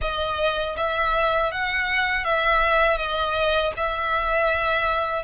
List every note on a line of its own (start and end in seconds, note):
0.01 0.76 D#5
0.76 1.51 E5
1.51 2.24 F#5
2.24 2.97 E5
2.97 3.72 D#5
3.76 5.23 E5